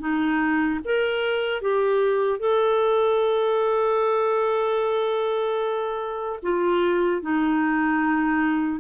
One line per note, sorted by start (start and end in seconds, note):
0.00 0.80 D#4
0.85 1.62 A#4
1.62 2.40 G4
2.40 6.40 A4
6.43 7.22 F4
7.22 8.81 D#4